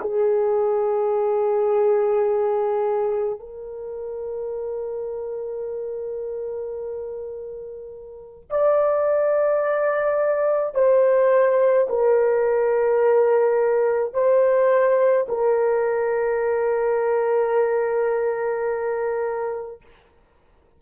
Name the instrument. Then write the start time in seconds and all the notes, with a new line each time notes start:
horn
0.00 G#4
3.39 A#4
8.50 D5
10.74 C5
11.89 A#4
14.13 C5
15.28 A#4